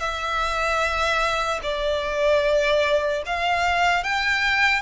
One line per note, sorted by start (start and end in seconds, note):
0.00 1.60 E5
1.63 3.23 D5
3.26 4.04 F5
4.04 4.81 G5